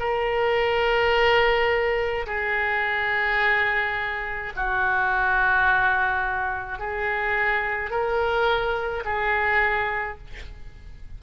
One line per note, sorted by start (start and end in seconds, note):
0.00 2.26 A#4
2.27 4.53 G#4
4.56 6.79 F#4
6.79 7.90 G#4
7.90 9.04 A#4
9.05 10.18 G#4